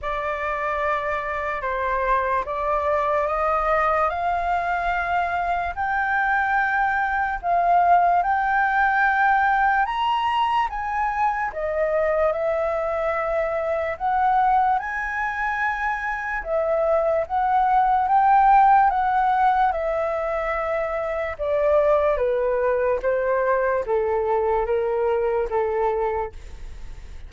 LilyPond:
\new Staff \with { instrumentName = "flute" } { \time 4/4 \tempo 4 = 73 d''2 c''4 d''4 | dis''4 f''2 g''4~ | g''4 f''4 g''2 | ais''4 gis''4 dis''4 e''4~ |
e''4 fis''4 gis''2 | e''4 fis''4 g''4 fis''4 | e''2 d''4 b'4 | c''4 a'4 ais'4 a'4 | }